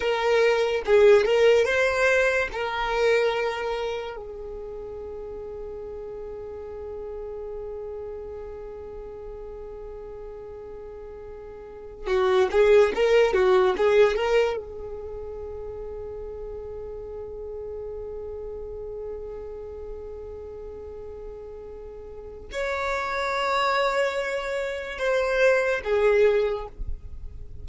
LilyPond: \new Staff \with { instrumentName = "violin" } { \time 4/4 \tempo 4 = 72 ais'4 gis'8 ais'8 c''4 ais'4~ | ais'4 gis'2.~ | gis'1~ | gis'2~ gis'8 fis'8 gis'8 ais'8 |
fis'8 gis'8 ais'8 gis'2~ gis'8~ | gis'1~ | gis'2. cis''4~ | cis''2 c''4 gis'4 | }